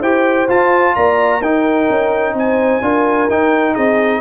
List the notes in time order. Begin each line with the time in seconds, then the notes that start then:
0.00 E4 G4 C5 G5
0.48 F4 A5
0.95 A#3 D5 A#5
1.40 D#4 A#4 G5
1.89 C#4
2.33 C4 C5 G#5
2.81 D4 F4 A#4
3.29 D#4 G5
3.73 C4 G#4 D#5